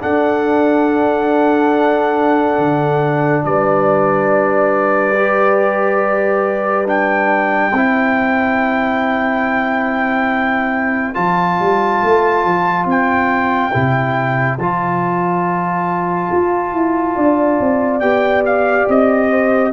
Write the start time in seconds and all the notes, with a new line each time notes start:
0.00 D4 A4 F#5
2.58 D3
3.44 G3 B4 D5
5.15 G4
6.86 D4 G5
7.72 C4 E4 C5
11.14 F3 F4 A5
11.59 G3
12.03 A3
12.45 F3
12.85 C4 G5
13.73 C3 E4
14.58 F3 F4 A5
16.31 F4
16.72 E4
17.15 D4 D5
17.60 C4
18.00 B3 G4 G5
18.45 F5
18.88 C4 D#5
19.30 C5